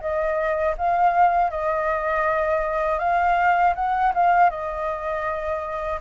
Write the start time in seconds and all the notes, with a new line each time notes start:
0.00 D#5
0.77 F5
1.50 D#5
2.98 F5
3.75 F#5
4.14 F5
4.50 D#5